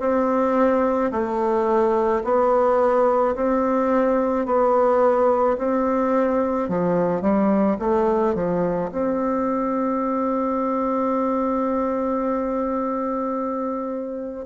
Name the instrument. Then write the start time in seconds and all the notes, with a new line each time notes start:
bassoon
0.00 C4
1.11 A3
2.24 B3
3.35 C4
4.46 B3
5.58 C4
6.69 F3
7.21 G3
7.79 A3
8.34 F3
8.92 C4